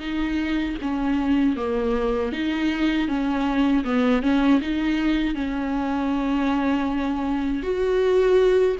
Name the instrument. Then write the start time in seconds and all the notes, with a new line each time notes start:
viola
0.00 D#4
0.82 C#4
1.57 A#3
2.33 D#4
3.09 C#4
3.85 B3
4.23 C#4
4.62 D#4
5.35 C#4
7.63 F#4